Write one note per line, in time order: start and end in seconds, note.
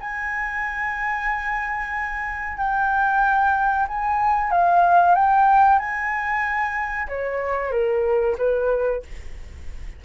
0.00 2.57 G#5
2.57 3.87 G5
3.88 4.51 G#5
4.51 5.15 F5
5.15 5.79 G5
5.79 7.08 G#5
7.08 7.71 C#5
7.71 8.36 A#4
8.38 9.02 B4